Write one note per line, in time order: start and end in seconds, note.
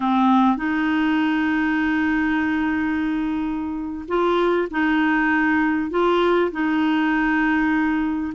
0.00 0.56 C4
0.56 4.05 D#4
4.08 4.68 F4
4.71 5.90 D#4
5.90 6.51 F4
6.51 8.33 D#4